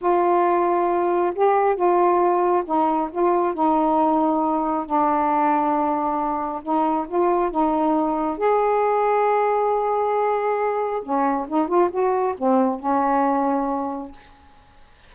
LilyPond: \new Staff \with { instrumentName = "saxophone" } { \time 4/4 \tempo 4 = 136 f'2. g'4 | f'2 dis'4 f'4 | dis'2. d'4~ | d'2. dis'4 |
f'4 dis'2 gis'4~ | gis'1~ | gis'4 cis'4 dis'8 f'8 fis'4 | c'4 cis'2. | }